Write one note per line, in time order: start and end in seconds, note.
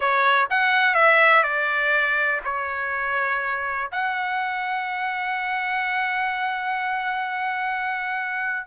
0.00 0.48 C#5
0.49 0.94 F#5
0.94 1.43 E5
1.43 2.40 D5
2.44 3.90 C#5
3.91 8.66 F#5